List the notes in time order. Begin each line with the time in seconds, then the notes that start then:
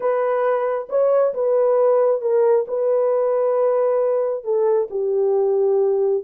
0.00 B4
0.89 C#5
1.33 B4
2.21 A#4
2.67 B4
4.44 A4
4.90 G4